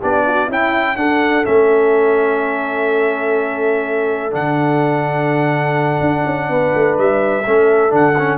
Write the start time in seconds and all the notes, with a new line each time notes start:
0.00 B3 D4 G4 D5
0.27 F#4
0.46 C#4 E4 G5
0.96 D4 A4 F#5
1.43 A3 C#4 E5
4.31 D3 D4 F#5
6.01 D4
6.25 C#4
6.50 B3 B4
6.75 A3
6.98 G3 E5
7.46 A3 C#4 A4
7.89 D3 D4 F#5
8.18 C#4